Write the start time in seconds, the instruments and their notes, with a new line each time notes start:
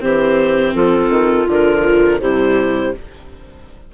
0.00 bassoon E3, viola C4, clarinet G4 C5
0.74 bassoon F3, clarinet F4 A4
1.09 bassoon D#3
1.47 bassoon D3, viola F3, clarinet A#4
2.20 bassoon C3, viola G3, clarinet E4 C5